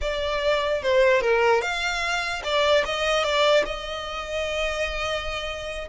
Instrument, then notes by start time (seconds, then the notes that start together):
violin
0.01 D5
0.82 C5
1.21 A#4
1.61 F5
2.43 D5
2.85 D#5
3.23 D5
3.65 D#5